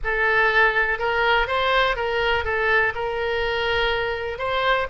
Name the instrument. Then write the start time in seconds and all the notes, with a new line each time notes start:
oboe
0.04 A4
0.98 A#4
1.47 C5
1.96 A#4
2.44 A4
2.94 A#4
4.38 C5